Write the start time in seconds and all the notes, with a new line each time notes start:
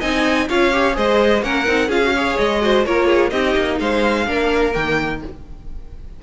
0.00 C4 D#4 D#5 G#5
0.49 C#4 F4 C#5 F5
0.73 G4
0.94 G#3 G#4 C5 D#5
1.43 A#3 C#4 A#4 F#5
1.67 C4 D#4
1.88 C#4 F4 G#4 F5
2.04 F#4
2.16 G#4 C#5
2.38 G#3 D#5
2.62 F#4 C5
2.86 A#3 F4 A#4 C#5
3.07 G#4
3.30 C4 D#4 G4 D#5
3.57 A#3
3.80 G#3 C5 F5
4.27 A#3 D4 A#4
4.73 D#3 A#3 G5